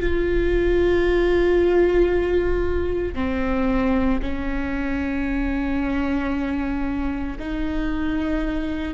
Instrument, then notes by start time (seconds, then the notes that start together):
viola
0.00 F4
3.15 C4
4.22 C#4
7.39 D#4